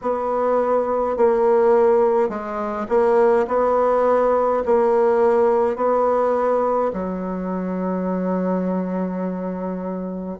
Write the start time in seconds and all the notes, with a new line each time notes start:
0.01 B3
1.16 A#3
2.29 G#3
2.88 A#3
3.47 B3
4.65 A#3
5.76 B3
6.93 F#3